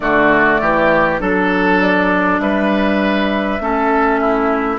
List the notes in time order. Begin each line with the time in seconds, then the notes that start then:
0.00 D3 A3 F#4 D5
0.60 E3 G4
1.19 F#3 D4 A4
1.80 D5
2.39 G3 B4 E5
3.60 A3 C#4 A4
4.20 E4